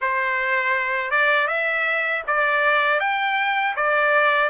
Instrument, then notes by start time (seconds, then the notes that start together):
trumpet
0.01 C5
1.10 D5
1.47 E5
2.27 D5
3.00 G5
3.76 D5